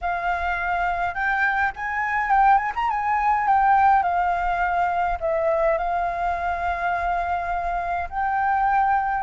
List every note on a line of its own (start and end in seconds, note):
0.01 1.14 F5
1.14 1.72 G5
1.75 2.30 G#5
2.30 2.57 G5
2.57 2.71 G#5
2.75 2.90 A#5
2.90 3.47 G#5
3.47 4.02 G5
4.02 5.18 F5
5.20 5.78 E5
5.78 8.08 F5
8.09 9.23 G5